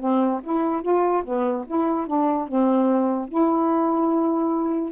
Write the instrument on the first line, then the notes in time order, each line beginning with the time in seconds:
saxophone
0.00 C4
0.44 E4
0.82 F4
1.24 B3
1.67 E4
2.07 D4
2.48 C4
3.29 E4